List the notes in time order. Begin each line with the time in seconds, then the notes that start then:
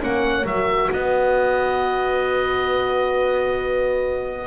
0.00 A#3 C#4 C#5 F#5
0.44 F#3 F#4 A#4 E5
0.91 B3 B4 D#5